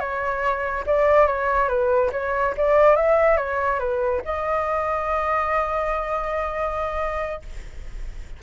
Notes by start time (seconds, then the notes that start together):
0.00 C#5
0.87 D5
1.27 C#5
1.68 B4
2.12 C#5
2.58 D5
2.96 E5
3.37 C#5
3.80 B4
4.25 D#5